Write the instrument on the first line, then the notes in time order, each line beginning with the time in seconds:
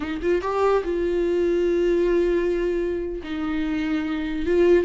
viola
0.00 D#4
0.22 F4
0.41 G4
0.84 F4
3.23 D#4
4.46 F4